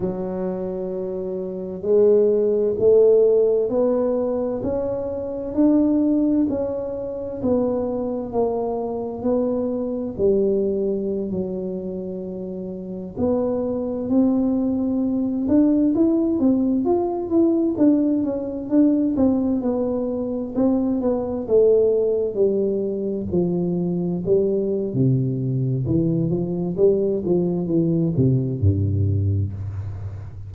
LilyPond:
\new Staff \with { instrumentName = "tuba" } { \time 4/4 \tempo 4 = 65 fis2 gis4 a4 | b4 cis'4 d'4 cis'4 | b4 ais4 b4 g4~ | g16 fis2 b4 c'8.~ |
c'8. d'8 e'8 c'8 f'8 e'8 d'8 cis'16~ | cis'16 d'8 c'8 b4 c'8 b8 a8.~ | a16 g4 f4 g8. c4 | e8 f8 g8 f8 e8 c8 g,4 | }